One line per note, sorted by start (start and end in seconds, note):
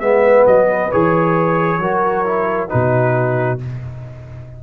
0.00 0.45 G#3
0.00 0.90 B3
0.00 1.80 B4
0.00 0.45 E5
0.46 0.91 F#3
0.46 0.91 D#5
0.91 1.79 E3
0.91 1.81 G#4
0.91 2.69 C#5
1.79 2.68 F#3
1.79 2.25 F#4
1.79 2.69 A#4
2.25 2.68 E4
2.68 3.63 B2
2.68 3.58 D#4
2.68 3.60 F#4
2.68 3.59 B4